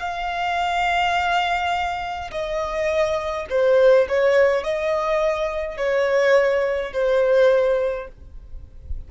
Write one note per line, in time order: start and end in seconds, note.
0.00 2.31 F5
2.31 3.47 D#5
3.50 4.08 C5
4.08 4.64 C#5
4.64 5.77 D#5
5.77 6.93 C#5
6.93 8.08 C5